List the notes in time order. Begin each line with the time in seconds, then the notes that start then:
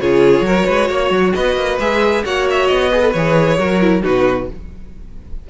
0.00 C#3 F4 G#4 C#5
0.41 F#3 F#4 A#4
0.66 G#3 B4
0.88 A#3 C#5
1.10 F#3
1.33 B3 B4 D#5
1.55 A#3
1.79 G#3 G#4 E5
2.25 A#3 F#4 C#5 F#5
2.50 E5
2.67 B3 D#5
2.90 G#4 B4
3.00 A4
3.12 E3 G#4 C#5
3.58 F#3 F#4 A#4
3.81 E4
4.02 B2 D#4 F#4 B4